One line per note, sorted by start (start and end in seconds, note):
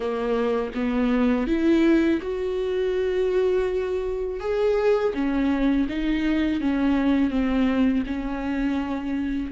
0.00 0.72 A#3
0.74 1.47 B3
1.47 2.20 E4
2.21 4.39 F#4
4.39 5.13 G#4
5.14 5.87 C#4
5.89 6.60 D#4
6.60 7.30 C#4
7.30 8.03 C4
8.06 9.52 C#4